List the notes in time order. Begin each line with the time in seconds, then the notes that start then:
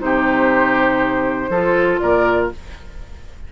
0.00 C3 D#4 G4 C5
1.49 F3 F4 A4
1.99 A#2 A#4 D5